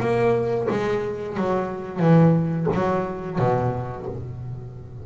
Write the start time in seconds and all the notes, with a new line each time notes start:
0.00 A#3
0.70 G#3
1.37 F#3
1.99 E3
2.74 F#3
3.39 B2